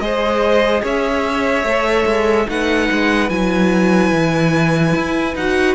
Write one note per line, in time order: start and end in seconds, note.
0.00 0.82 G#3
0.00 1.65 G#4
0.00 0.82 C5
0.00 0.83 D#5
0.82 1.64 C#4
0.82 2.47 C#5
0.82 2.50 E5
1.64 2.05 A3
1.64 2.47 A4
2.06 2.47 G#3
2.47 2.90 A3
2.47 3.29 D#4
2.47 5.75 B4
2.47 3.30 F#5
2.92 3.30 G#3
3.30 4.12 F#3
3.30 5.35 E4
3.30 5.35 G#5
4.13 4.95 E3
4.96 5.35 E4
5.35 5.75 D#4
5.35 5.75 F#4
5.35 5.75 F#5